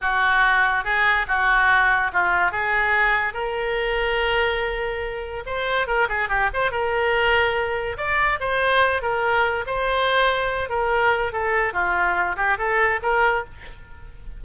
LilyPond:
\new Staff \with { instrumentName = "oboe" } { \time 4/4 \tempo 4 = 143 fis'2 gis'4 fis'4~ | fis'4 f'4 gis'2 | ais'1~ | ais'4 c''4 ais'8 gis'8 g'8 c''8 |
ais'2. d''4 | c''4. ais'4. c''4~ | c''4. ais'4. a'4 | f'4. g'8 a'4 ais'4 | }